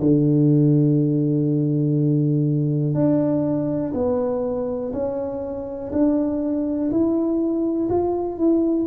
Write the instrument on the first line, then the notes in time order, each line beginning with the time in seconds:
tuba
0.00 D3
2.95 D4
3.94 B3
4.93 C#4
5.92 D4
6.91 E4
7.90 F4
8.38 E4